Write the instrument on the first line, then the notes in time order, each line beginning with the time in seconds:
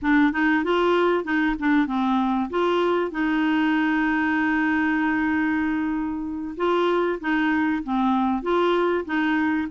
clarinet
0.02 D4
0.32 D#4
0.63 F4
1.24 D#4
1.59 D4
1.87 C4
2.50 F4
3.11 D#4
6.56 F4
7.20 D#4
7.83 C4
8.42 F4
9.05 D#4